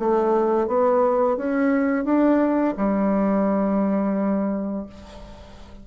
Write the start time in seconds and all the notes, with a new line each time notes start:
0.00 A3
0.68 B3
1.37 C#4
2.05 D4
2.77 G3